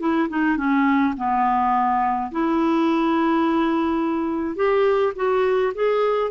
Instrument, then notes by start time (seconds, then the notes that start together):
clarinet
0.00 E4
0.29 D#4
0.57 C#4
1.17 B3
2.32 E4
4.56 G4
5.16 F#4
5.75 G#4